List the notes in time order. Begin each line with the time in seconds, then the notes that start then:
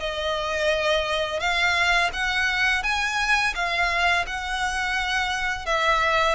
0.00 D#5
1.40 F5
2.13 F#5
2.83 G#5
3.55 F5
4.27 F#5
5.66 E5